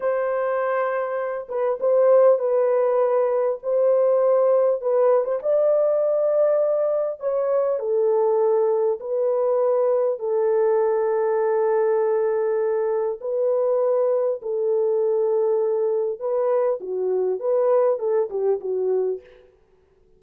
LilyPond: \new Staff \with { instrumentName = "horn" } { \time 4/4 \tempo 4 = 100 c''2~ c''8 b'8 c''4 | b'2 c''2 | b'8. c''16 d''2. | cis''4 a'2 b'4~ |
b'4 a'2.~ | a'2 b'2 | a'2. b'4 | fis'4 b'4 a'8 g'8 fis'4 | }